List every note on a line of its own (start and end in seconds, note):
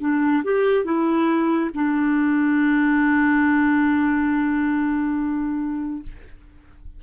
0.00 0.43 D4
0.43 0.84 G4
0.84 1.70 E4
1.74 6.02 D4